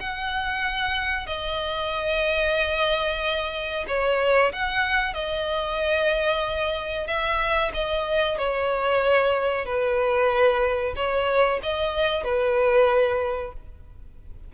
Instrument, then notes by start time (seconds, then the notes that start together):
violin
0.00 F#5
1.27 D#5
3.88 C#5
4.53 F#5
5.14 D#5
7.07 E5
7.74 D#5
8.38 C#5
9.66 B4
10.96 C#5
11.63 D#5
12.24 B4